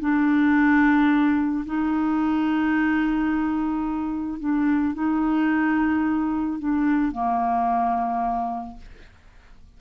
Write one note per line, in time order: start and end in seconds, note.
0.00 1.65 D4
1.66 4.40 D#4
4.40 4.94 D4
4.94 6.59 D#4
6.60 7.12 D4
7.12 8.77 A#3